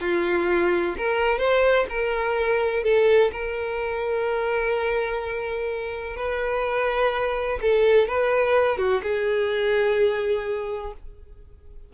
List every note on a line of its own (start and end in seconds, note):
0.00 0.95 F4
0.97 1.38 A#4
1.38 1.86 C5
1.89 2.83 A#4
2.83 3.31 A4
3.32 6.16 A#4
6.16 7.59 B4
7.61 8.08 A4
8.08 8.77 B4
8.77 9.01 F#4
9.03 10.93 G#4